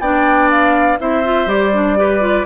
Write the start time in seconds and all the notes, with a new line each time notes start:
0.00 B3 D4 D5 G5
0.51 F5
0.99 C4 E4 C5 E5
1.24 F4
1.46 G3 G4 D5
1.73 D4
1.97 G4 B4
2.21 F4